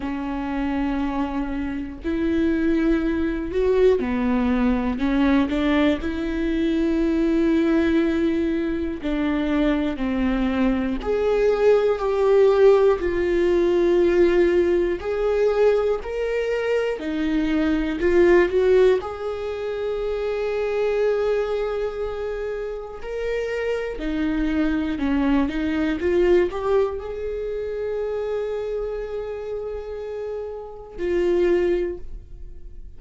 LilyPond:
\new Staff \with { instrumentName = "viola" } { \time 4/4 \tempo 4 = 60 cis'2 e'4. fis'8 | b4 cis'8 d'8 e'2~ | e'4 d'4 c'4 gis'4 | g'4 f'2 gis'4 |
ais'4 dis'4 f'8 fis'8 gis'4~ | gis'2. ais'4 | dis'4 cis'8 dis'8 f'8 g'8 gis'4~ | gis'2. f'4 | }